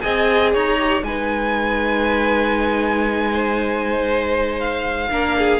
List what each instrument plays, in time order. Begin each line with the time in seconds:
0.00 cello C4, viola G#4, violin D#5 G#5
0.53 cello D#4, violin C#5 A#5
0.78 viola G4
1.03 cello G#3, viola D#4, violin B4 G#5
3.31 violin C5
4.60 violin F5
5.10 cello A#3, viola D4, violin A#4
5.38 violin G#4